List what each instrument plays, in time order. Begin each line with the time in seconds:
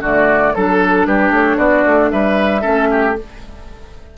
0.00 bassoon D3, clarinet A3, oboe F#4, flute D5
0.54 bassoon F#3, clarinet D4, flute A4, oboe A4
1.05 bassoon G3, oboe G4, flute B4
1.30 bassoon A3, flute C#5
1.57 bassoon B3, oboe F#4, flute D5
1.85 bassoon A3
2.10 bassoon G3, oboe B4, flute E5
2.61 bassoon A3, clarinet C#4, oboe A4
2.91 oboe G4